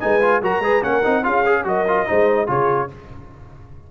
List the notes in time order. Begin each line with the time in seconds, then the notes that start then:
0.00 G#3 D#4 B4 G#5
0.22 F4
0.43 F#3 F#4 A#4 A#5
0.60 G#3 G#4 B4
0.82 A#3 C#4 A#4 F#5
1.04 C4 D#4
1.24 C#4 F4 G#4 F5
1.46 G#4
1.65 F#3 F#4 A#4 D#5
1.88 F4
2.06 G#3 D#4 C5
2.47 C#3 F4 G#4 C#5